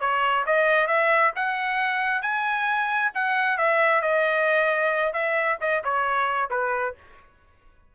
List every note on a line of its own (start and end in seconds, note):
0.00 0.45 C#5
0.46 0.87 D#5
0.87 1.32 E5
1.35 2.22 F#5
2.22 3.11 G#5
3.14 3.57 F#5
3.57 4.01 E5
4.01 5.13 D#5
5.13 5.57 E5
5.61 5.83 D#5
5.84 6.50 C#5
6.50 6.94 B4